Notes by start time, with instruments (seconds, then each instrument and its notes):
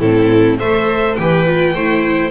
0.00 double bass A2, viola C4 E4, violin A4
0.59 double bass A3, viola A4 C5, violin E5
1.16 double bass E3, viola G4 B4, violin G5
1.47 viola F4
1.75 double bass A3, viola E4 C5